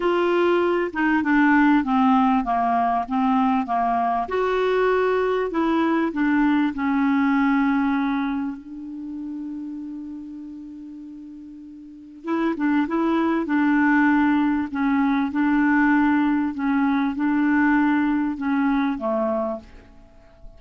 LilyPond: \new Staff \with { instrumentName = "clarinet" } { \time 4/4 \tempo 4 = 98 f'4. dis'8 d'4 c'4 | ais4 c'4 ais4 fis'4~ | fis'4 e'4 d'4 cis'4~ | cis'2 d'2~ |
d'1 | e'8 d'8 e'4 d'2 | cis'4 d'2 cis'4 | d'2 cis'4 a4 | }